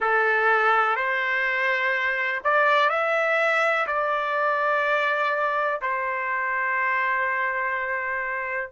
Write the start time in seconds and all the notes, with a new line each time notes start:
0.00 A4
0.95 C5
2.44 D5
2.89 E5
3.86 D5
5.81 C5